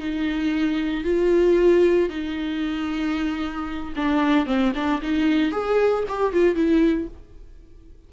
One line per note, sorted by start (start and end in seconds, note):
0.00 1.04 D#4
1.04 2.09 F4
2.09 3.94 D#4
3.96 4.46 D4
4.46 4.72 C4
4.75 5.01 D4
5.02 5.52 D#4
5.52 6.04 G#4
6.08 6.33 G4
6.33 6.55 F4
6.55 7.08 E4